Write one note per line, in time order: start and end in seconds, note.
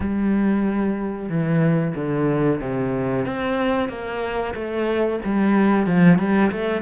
0.00 1.29 G3
1.29 1.94 E3
1.95 2.60 D3
2.60 3.25 C3
3.25 3.88 C4
3.88 4.54 A#3
4.54 5.19 A3
5.25 5.86 G3
5.86 6.18 F3
6.18 6.51 G3
6.51 6.82 A3